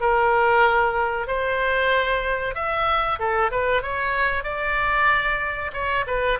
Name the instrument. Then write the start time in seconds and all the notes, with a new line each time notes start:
oboe
0.00 A#4
1.27 C5
2.55 E5
3.19 A4
3.51 B4
3.82 C#5
4.43 D5
5.73 C#5
6.07 B4